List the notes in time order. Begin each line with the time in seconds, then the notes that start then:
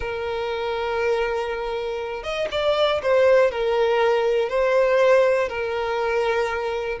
0.00 A#4
2.23 D#5
2.51 D5
3.02 C5
3.51 A#4
4.49 C5
5.49 A#4